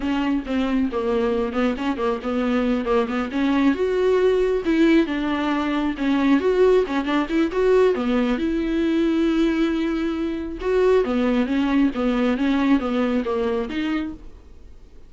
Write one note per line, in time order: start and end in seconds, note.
0.00 0.43 C#4
0.46 0.90 C4
0.91 1.52 A#3
1.52 1.74 B3
1.77 1.97 C#4
1.97 2.19 A#3
2.22 2.85 B3
2.85 3.07 A#3
3.08 3.30 B3
3.31 3.74 C#4
3.74 4.62 F#4
4.65 5.06 E4
5.06 5.94 D4
5.97 6.40 C#4
6.40 6.84 F#4
6.86 7.04 C#4
7.04 7.26 D4
7.29 7.51 E4
7.51 7.95 F#4
7.95 8.37 B3
8.37 10.58 E4
10.60 11.04 F#4
11.04 11.46 B3
11.46 11.90 C#4
11.94 12.37 B3
12.37 12.79 C#4
12.79 13.23 B3
13.24 13.68 A#3
13.69 14.13 D#4